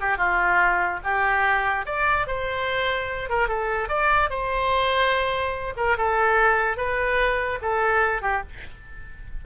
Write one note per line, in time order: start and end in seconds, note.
0.00 0.17 G4
0.17 1.00 F4
1.03 1.86 G4
1.86 2.27 D5
2.27 3.29 C5
3.29 3.48 A#4
3.48 3.89 A4
3.89 4.30 D5
4.30 5.73 C5
5.76 5.97 A#4
5.97 6.77 A4
6.77 7.59 B4
7.61 8.22 A4
8.22 8.42 G4